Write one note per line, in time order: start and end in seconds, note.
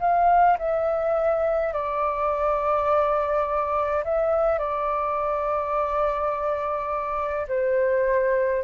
0.00 0.58 F5
0.58 1.73 E5
1.73 4.04 D5
4.04 4.59 E5
4.59 7.47 D5
7.48 8.63 C5